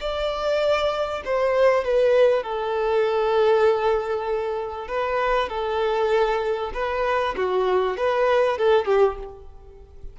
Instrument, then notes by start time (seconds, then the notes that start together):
violin
0.00 D5
1.25 C5
1.84 B4
2.43 A4
4.88 B4
5.49 A4
6.73 B4
7.36 F#4
7.97 B4
8.57 A4
8.85 G4